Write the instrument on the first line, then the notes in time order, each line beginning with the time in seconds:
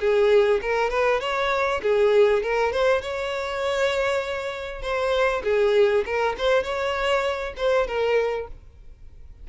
violin
0.00 G#4
0.62 A#4
0.90 B4
1.21 C#5
1.82 G#4
2.43 A#4
2.72 C5
3.02 C#5
4.82 C5
5.44 G#4
6.06 A#4
6.38 C5
6.63 C#5
7.57 C5
7.87 A#4